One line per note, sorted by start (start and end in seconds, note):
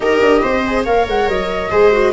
0.00 0.19 D#4
0.00 0.63 G4
0.00 0.42 A#4
0.00 0.84 D#5
0.21 0.42 D4
0.42 0.85 C4
0.42 0.84 C5
0.66 0.86 G#4
0.84 1.07 A#3
0.84 1.70 A#4
0.84 1.69 C#5
0.84 1.06 F5
1.07 1.28 G#3
1.07 1.28 F#5
1.28 1.70 F#3
1.28 2.12 D#5
1.70 2.12 G#3
1.70 1.91 G#4
1.70 2.12 C5
1.91 2.12 F#4